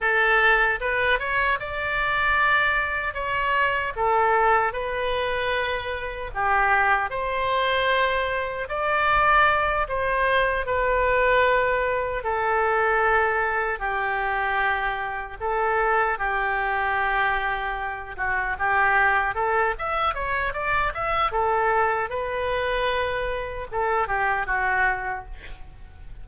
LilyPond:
\new Staff \with { instrumentName = "oboe" } { \time 4/4 \tempo 4 = 76 a'4 b'8 cis''8 d''2 | cis''4 a'4 b'2 | g'4 c''2 d''4~ | d''8 c''4 b'2 a'8~ |
a'4. g'2 a'8~ | a'8 g'2~ g'8 fis'8 g'8~ | g'8 a'8 e''8 cis''8 d''8 e''8 a'4 | b'2 a'8 g'8 fis'4 | }